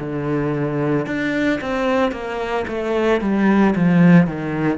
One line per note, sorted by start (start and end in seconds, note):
0.00 1.07 D3
1.07 1.61 D4
1.61 2.12 C4
2.12 2.65 A#3
2.68 3.21 A3
3.21 3.75 G3
3.76 4.27 F3
4.27 4.78 D#3